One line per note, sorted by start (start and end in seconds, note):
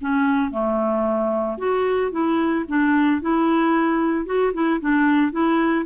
0.00 0.51 C#4
0.51 1.57 A3
1.57 2.11 F#4
2.11 2.65 E4
2.68 3.21 D4
3.21 4.25 E4
4.25 4.52 F#4
4.53 4.80 E4
4.80 5.32 D4
5.32 5.85 E4